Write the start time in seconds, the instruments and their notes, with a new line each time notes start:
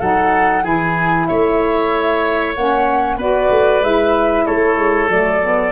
0.00 tuba F#3, saxophone D#4, oboe A4, flute F#5
0.63 tuba E3, saxophone E4, oboe G#4, flute G#5
1.26 tuba A3, oboe C#5, flute E5
2.55 tuba A#3, saxophone C#4, flute F#5
3.17 tuba B3, saxophone F#4, oboe B4, flute D5
3.50 tuba A3
3.81 tuba G#3, saxophone E4, flute E5
4.46 tuba A3, oboe A4, flute C#5
4.76 tuba G#3
5.09 tuba F#3, saxophone A3, flute D5
5.42 saxophone B3